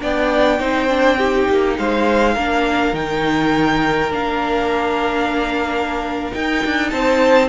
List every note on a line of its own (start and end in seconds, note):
0.00 0.60 B3
0.00 0.59 D4
0.00 0.60 D5
0.00 1.78 G5
0.59 1.48 C4
0.59 0.88 D#4
0.59 1.18 C5
0.88 1.18 D4
1.18 2.37 D#4
1.18 1.77 G4
1.49 1.78 A#3
1.78 2.36 G#3
1.78 2.34 C5
1.78 2.95 F5
2.34 2.93 A#3
2.34 2.94 D4
2.34 6.89 A#4
2.93 4.11 D#3
2.93 4.11 D#4
2.93 4.12 G5
4.11 6.31 A#3
4.11 6.32 D4
4.11 6.34 F5
6.32 7.48 D#4
6.32 6.64 D#4
6.32 6.90 G5
6.65 6.92 D4
6.90 7.48 C4
6.90 7.48 C5
6.90 7.48 A5